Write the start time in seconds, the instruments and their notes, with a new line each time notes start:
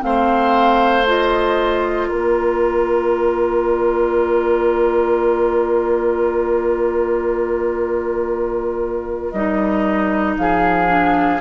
0.00 bassoon A3, clarinet C4, oboe C5, flute F5
1.06 clarinet F4, flute D#5
2.08 bassoon A#3, oboe A#4, flute D5
9.31 bassoon G3, clarinet D#4, flute D#5
10.37 bassoon F3, oboe G#4, flute F5
10.87 clarinet D4